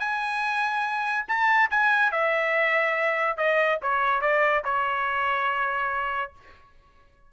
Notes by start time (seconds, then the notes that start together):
0.00 G#5
1.28 A5
1.71 G#5
2.12 E5
3.38 D#5
3.82 C#5
4.21 D5
4.65 C#5